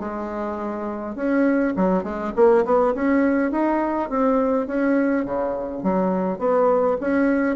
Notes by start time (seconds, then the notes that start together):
0.00 G#3
1.16 C#4
1.76 F#3
2.04 G#3
2.36 A#3
2.65 B3
2.95 C#4
3.51 D#4
4.09 C4
4.67 C#4
5.25 C#3
5.83 F#3
6.39 B3
7.01 C#4